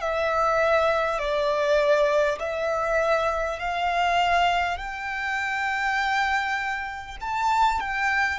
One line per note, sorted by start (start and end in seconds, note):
0.00 1.18 E5
1.18 2.38 D5
2.39 3.59 E5
3.59 4.77 F5
4.77 7.17 G5
7.21 7.80 A5
7.80 8.39 G5